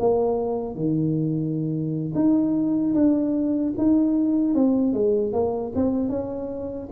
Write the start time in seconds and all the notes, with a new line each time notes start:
0.00 A#3
0.75 D#3
2.15 D#4
2.95 D4
3.78 D#4
4.54 C4
4.93 G#3
5.33 A#3
5.76 C4
6.10 C#4